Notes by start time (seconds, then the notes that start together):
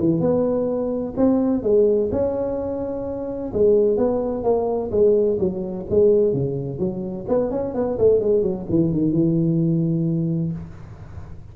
0.00 E3
0.20 B3
1.17 C4
1.63 G#3
2.12 C#4
3.53 G#3
3.98 B3
4.44 A#3
4.92 G#3
5.39 F#3
5.90 G#3
6.33 C#3
6.79 F#3
7.28 B3
7.51 C#4
7.75 B3
7.99 A3
8.21 G#3
8.42 F#3
8.70 E3
8.93 D#3
9.12 E3